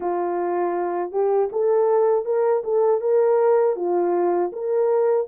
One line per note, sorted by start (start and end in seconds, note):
0.00 1.11 F4
1.11 1.49 G4
1.52 2.25 A4
2.25 2.62 A#4
2.64 3.00 A4
3.00 3.75 A#4
3.76 4.51 F4
4.52 5.27 A#4